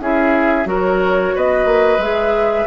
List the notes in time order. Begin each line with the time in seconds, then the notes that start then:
0.00 C#4 E4 G#4 E5
0.65 F#3 F#4 A#4
0.71 C#5
1.36 B3 B4 D#5
1.65 A#3
1.98 G#3 G#4 E5